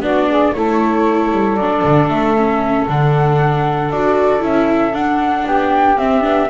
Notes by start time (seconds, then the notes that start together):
0.00 B3 D4 F#4 D5
0.29 G#4
0.53 A3 E4 A4 C#5
1.31 G3
1.56 F#3 D4 D5
1.84 D3
2.08 A3 E5
2.36 C#4
2.87 D3 D4 F#5
3.90 D4 F#4 D5
4.40 C#4 E4 E5
4.93 D4 F#5
5.46 B3 G4 G5
5.97 C4 E5
6.21 B3 D4